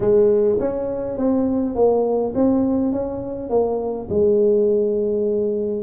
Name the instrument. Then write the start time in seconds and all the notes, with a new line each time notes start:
tuba
0.00 G#3
0.59 C#4
1.17 C4
1.75 A#3
2.35 C4
2.92 C#4
3.50 A#3
4.09 G#3